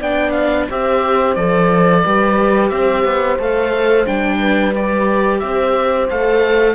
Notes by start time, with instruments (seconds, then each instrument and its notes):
0.00 cello B3, viola D4, horn D5, oboe G5
0.32 oboe F5
0.70 cello C4, viola G4, horn C5, oboe E5
1.35 cello F3, viola A4, oboe D5
2.05 cello G3, viola G4, horn B4
2.70 cello C4, horn C5, oboe E5
3.05 cello B3
3.39 cello A3, viola A4, oboe F5
4.06 cello G3, viola D4, oboe G5
4.39 horn B4
4.75 viola G4, oboe D5
5.39 cello C4, horn C5, oboe E5
6.10 cello A3, viola A4, oboe F5